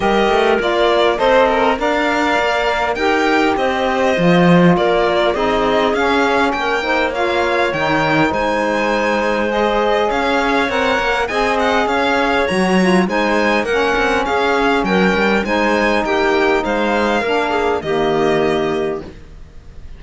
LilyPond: <<
  \new Staff \with { instrumentName = "violin" } { \time 4/4 \tempo 4 = 101 dis''4 d''4 c''8 ais'8 f''4~ | f''4 g''4 dis''2 | d''4 dis''4 f''4 g''4 | f''4 g''4 gis''2 |
dis''4 f''4 fis''4 gis''8 fis''8 | f''4 ais''4 gis''4 fis''4 | f''4 g''4 gis''4 g''4 | f''2 dis''2 | }
  \new Staff \with { instrumentName = "clarinet" } { \time 4/4 ais'2 dis''4 d''4~ | d''4 ais'4 c''2 | ais'4 gis'2 ais'8 c''8 | cis''2 c''2~ |
c''4 cis''2 dis''4 | cis''2 c''4 ais'4 | gis'4 ais'4 c''4 g'4 | c''4 ais'8 gis'8 g'2 | }
  \new Staff \with { instrumentName = "saxophone" } { \time 4/4 g'4 f'4 a'4 ais'4~ | ais'4 g'2 f'4~ | f'4 dis'4 cis'4. dis'8 | f'4 dis'2. |
gis'2 ais'4 gis'4~ | gis'4 fis'8 f'8 dis'4 cis'4~ | cis'2 dis'2~ | dis'4 d'4 ais2 | }
  \new Staff \with { instrumentName = "cello" } { \time 4/4 g8 a8 ais4 c'4 d'4 | ais4 dis'4 c'4 f4 | ais4 c'4 cis'4 ais4~ | ais4 dis4 gis2~ |
gis4 cis'4 c'8 ais8 c'4 | cis'4 fis4 gis4 ais8 c'8 | cis'4 fis8 g8 gis4 ais4 | gis4 ais4 dis2 | }
>>